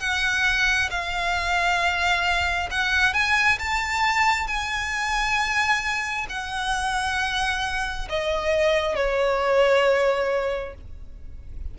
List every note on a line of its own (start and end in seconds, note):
0.00 0.90 F#5
0.90 2.69 F5
2.70 3.13 F#5
3.13 3.58 G#5
3.59 4.47 A5
4.47 6.26 G#5
6.29 8.08 F#5
8.09 8.95 D#5
8.95 10.74 C#5